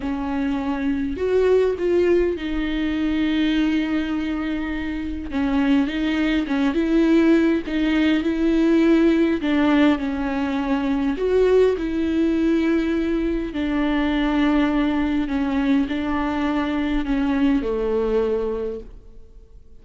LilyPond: \new Staff \with { instrumentName = "viola" } { \time 4/4 \tempo 4 = 102 cis'2 fis'4 f'4 | dis'1~ | dis'4 cis'4 dis'4 cis'8 e'8~ | e'4 dis'4 e'2 |
d'4 cis'2 fis'4 | e'2. d'4~ | d'2 cis'4 d'4~ | d'4 cis'4 a2 | }